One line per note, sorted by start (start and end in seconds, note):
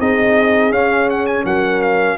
0.00 0.71 C4
0.00 0.73 D#4
0.00 1.46 G#4
0.00 0.73 D#5
0.71 1.44 C#4
0.71 2.19 C#4
0.71 1.09 F5
1.10 1.27 F#5
1.27 1.45 G#5
1.45 2.18 F#3
1.45 2.19 A#4
1.45 1.82 F#5
1.82 2.18 F5